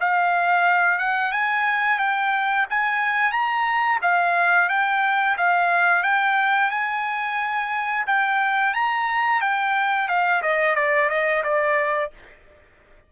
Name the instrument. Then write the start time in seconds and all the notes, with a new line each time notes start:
trumpet
0.00 F5
0.98 F#5
1.31 G#5
1.99 G5
2.70 G#5
3.31 A#5
4.02 F5
4.69 G5
5.37 F5
6.03 G5
6.70 G#5
8.06 G5
8.74 A#5
9.41 G5
10.08 F5
10.42 D#5
10.75 D5
11.09 D#5
11.43 D5